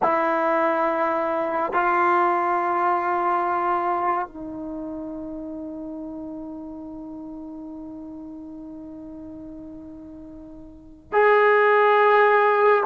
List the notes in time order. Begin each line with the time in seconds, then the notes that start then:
0.02 E4
1.72 F4
4.27 D#4
11.12 G#4